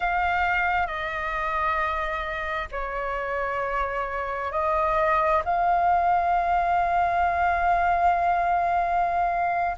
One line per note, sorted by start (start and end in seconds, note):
0.00 0.86 F5
0.86 2.68 D#5
2.71 4.51 C#5
4.51 5.42 D#5
5.44 9.76 F5